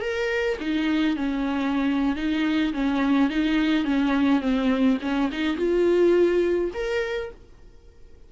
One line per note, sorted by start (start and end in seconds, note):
0.00 0.57 A#4
0.59 1.16 D#4
1.16 2.15 C#4
2.15 2.72 D#4
2.73 3.29 C#4
3.29 3.84 D#4
3.84 4.41 C#4
4.41 4.98 C4
5.01 5.30 C#4
5.31 5.56 D#4
5.56 6.71 F4
6.74 7.31 A#4